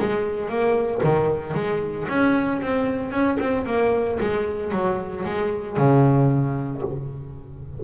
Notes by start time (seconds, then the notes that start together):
0.00 G#3
0.49 A#3
1.04 D#3
1.55 G#3
2.09 C#4
2.62 C4
3.12 C#4
3.40 C4
3.67 A#3
4.21 G#3
4.72 F#3
5.25 G#3
5.78 C#3